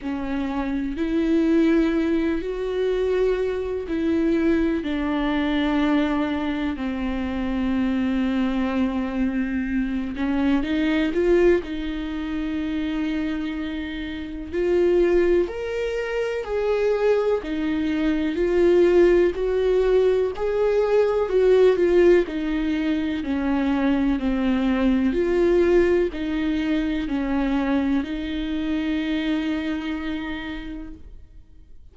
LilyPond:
\new Staff \with { instrumentName = "viola" } { \time 4/4 \tempo 4 = 62 cis'4 e'4. fis'4. | e'4 d'2 c'4~ | c'2~ c'8 cis'8 dis'8 f'8 | dis'2. f'4 |
ais'4 gis'4 dis'4 f'4 | fis'4 gis'4 fis'8 f'8 dis'4 | cis'4 c'4 f'4 dis'4 | cis'4 dis'2. | }